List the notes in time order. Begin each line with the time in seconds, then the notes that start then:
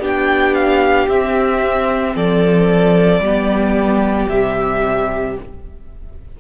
0.00 B3 D4 G4 G5
0.55 F5
1.08 C4 E5
2.15 F3 A4 D5
3.20 G3 B3 G4
4.29 C3 G3 E5